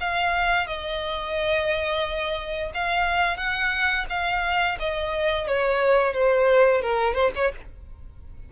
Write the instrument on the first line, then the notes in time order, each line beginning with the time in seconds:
violin
0.00 F5
0.67 D#5
2.74 F5
3.37 F#5
4.09 F5
4.79 D#5
5.47 C#5
6.13 C5
6.82 A#4
7.14 C5
7.35 C#5